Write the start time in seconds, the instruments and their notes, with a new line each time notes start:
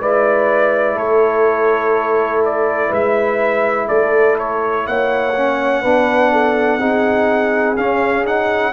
0.00 tuba G#3, trombone E4, horn B4, trumpet D5
0.94 tuba A3, horn A4, trumpet C#5
2.45 trumpet D5
2.88 tuba G#3, horn B4, trumpet E5
3.87 tuba A3, horn A4, trumpet D5
4.38 trumpet C#5
4.86 tuba A#3, horn C#5, trumpet F#5
5.36 trombone C#4
5.81 tuba B3, trombone D4, horn B4
6.32 horn A4
6.79 tuba C4, trombone D#4, horn G#4
7.76 tuba C#4, trombone C#4, trumpet F5
8.25 trombone D#4, trumpet F#5